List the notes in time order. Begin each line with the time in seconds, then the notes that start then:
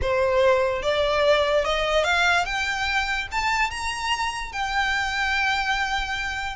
0.01 C5
0.82 D5
1.65 D#5
2.04 F5
2.45 G5
3.31 A5
3.70 A#5
4.52 G5